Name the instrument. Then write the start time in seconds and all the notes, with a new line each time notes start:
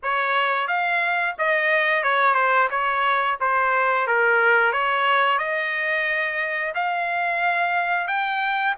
trumpet
0.02 C#5
0.67 F5
1.38 D#5
2.03 C#5
2.34 C5
2.70 C#5
3.40 C5
4.07 A#4
4.72 C#5
5.38 D#5
6.74 F5
8.07 G5